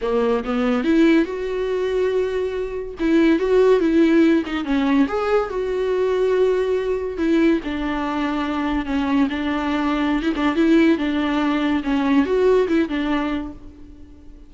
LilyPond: \new Staff \with { instrumentName = "viola" } { \time 4/4 \tempo 4 = 142 ais4 b4 e'4 fis'4~ | fis'2. e'4 | fis'4 e'4. dis'8 cis'4 | gis'4 fis'2.~ |
fis'4 e'4 d'2~ | d'4 cis'4 d'2~ | d'16 e'16 d'8 e'4 d'2 | cis'4 fis'4 e'8 d'4. | }